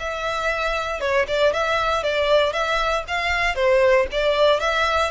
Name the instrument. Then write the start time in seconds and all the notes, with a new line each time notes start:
violin
0.00 E5
1.00 C#5
1.28 D5
1.54 E5
2.04 D5
2.53 E5
3.08 F5
3.56 C5
4.12 D5
4.60 E5